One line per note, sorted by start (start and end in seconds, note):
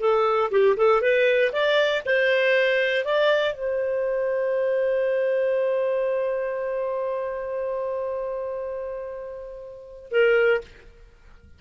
0.00 0.50 A4
0.51 0.76 G4
0.77 1.02 A4
1.02 1.52 B4
1.52 2.03 D5
2.05 3.05 C5
3.05 3.54 D5
3.54 10.10 C5
10.11 10.61 A#4